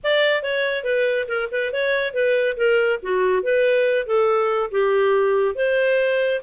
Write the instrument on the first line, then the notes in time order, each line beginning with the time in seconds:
clarinet
0.03 D5
0.42 C#5
0.84 B4
1.28 A#4
1.51 B4
1.73 C#5
2.13 B4
2.56 A#4
3.02 F#4
3.42 B4
4.06 A4
4.71 G4
5.55 C5